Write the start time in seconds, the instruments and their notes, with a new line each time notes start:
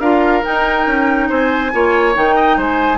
0.00 bassoon D4, clarinet F4, oboe A#4, flute F5
0.43 clarinet D#4, bassoon D#4, flute G5
0.87 bassoon C#4
1.29 bassoon C4, oboe C5, flute G#5
1.73 bassoon A#3, clarinet F4, oboe C#5
2.14 bassoon D#3, clarinet D#4, flute G5
2.36 oboe D#5
2.57 bassoon G#3, oboe C5, flute G#5